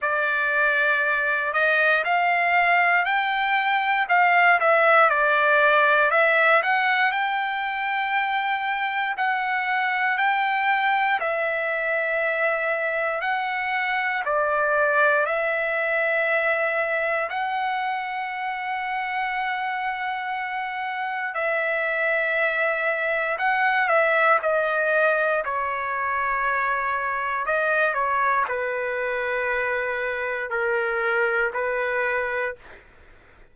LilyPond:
\new Staff \with { instrumentName = "trumpet" } { \time 4/4 \tempo 4 = 59 d''4. dis''8 f''4 g''4 | f''8 e''8 d''4 e''8 fis''8 g''4~ | g''4 fis''4 g''4 e''4~ | e''4 fis''4 d''4 e''4~ |
e''4 fis''2.~ | fis''4 e''2 fis''8 e''8 | dis''4 cis''2 dis''8 cis''8 | b'2 ais'4 b'4 | }